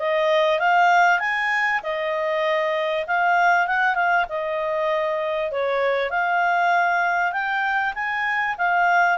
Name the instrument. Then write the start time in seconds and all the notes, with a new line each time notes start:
clarinet
0.00 D#5
0.60 F5
1.20 G#5
1.83 D#5
3.08 F5
3.68 F#5
3.95 F5
4.29 D#5
5.52 C#5
6.11 F5
7.33 G5
7.95 G#5
8.58 F5